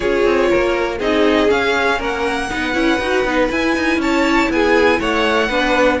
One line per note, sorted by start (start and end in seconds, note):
0.00 0.25 C#4
0.00 0.98 F4
0.00 0.48 G#4
0.00 0.99 C#5
0.25 0.50 C4
0.50 1.00 A#3
0.50 0.98 A#4
0.98 1.50 C4
0.98 1.48 D#4
0.98 1.98 G#4
0.98 1.50 D#5
1.48 2.48 C#4
1.48 1.99 C#4
1.48 2.00 F5
1.98 2.49 A#3
1.98 2.48 A#4
1.98 3.50 F#5
2.50 2.74 B3
2.50 2.73 D#4
2.50 4.00 B4
2.73 2.99 C#4
2.73 2.98 E4
3.00 3.24 D#4
3.00 3.26 F#4
3.24 3.49 B3
3.24 3.50 D#4
3.50 5.50 E4
3.50 3.76 E4
3.50 4.00 G#5
3.76 3.97 D#4
3.97 4.47 C#4
3.97 4.50 C#5
3.97 4.51 A5
4.50 5.00 B3
4.50 4.99 G#4
4.50 5.01 G#5
4.99 5.49 A3
4.99 5.48 C#5
4.99 6.00 F#5
5.48 5.99 B3
5.48 6.00 D4
5.48 5.98 B4